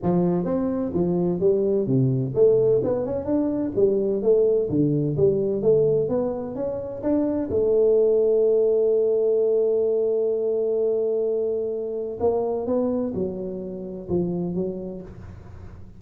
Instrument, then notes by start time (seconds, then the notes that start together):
tuba
0.02 F3
0.45 C4
0.93 F3
1.40 G3
1.86 C3
2.34 A3
2.83 B3
3.05 C#4
3.25 D4
3.75 G3
4.22 A3
4.69 D3
5.16 G3
5.62 A3
6.08 B3
6.55 C#4
7.02 D4
7.50 A3
12.19 A#3
12.66 B3
13.14 F#3
14.08 F3
14.54 F#3